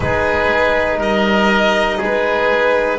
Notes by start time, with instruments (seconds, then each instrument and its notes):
0.00 double bass G#3, trombone D#4, oboe G#4, violin B4
0.97 double bass G3, oboe A#4, violin D#5
1.97 double bass G#3, oboe G#4
2.04 violin B4